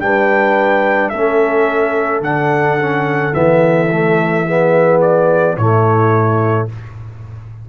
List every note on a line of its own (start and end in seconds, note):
0.00 1.11 G3
0.00 1.13 D4
0.00 1.10 B4
0.00 1.09 G5
1.09 2.21 A3
1.09 2.23 C#4
1.09 4.44 A4
1.09 2.20 E5
2.21 3.32 D3
2.21 2.79 D4
2.21 3.34 F#5
2.80 3.32 C#4
3.32 5.57 E3
3.32 3.88 B3
3.32 5.01 E5
3.92 4.47 A3
4.45 5.58 B3
4.45 5.56 G#4
5.01 5.57 D5
5.56 6.68 A2
5.56 6.69 A3
5.56 6.67 E4
5.56 6.68 C#5